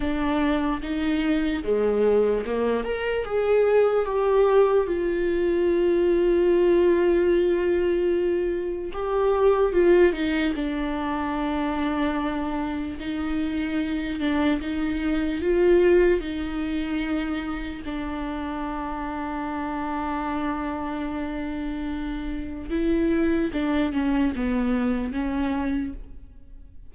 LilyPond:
\new Staff \with { instrumentName = "viola" } { \time 4/4 \tempo 4 = 74 d'4 dis'4 gis4 ais8 ais'8 | gis'4 g'4 f'2~ | f'2. g'4 | f'8 dis'8 d'2. |
dis'4. d'8 dis'4 f'4 | dis'2 d'2~ | d'1 | e'4 d'8 cis'8 b4 cis'4 | }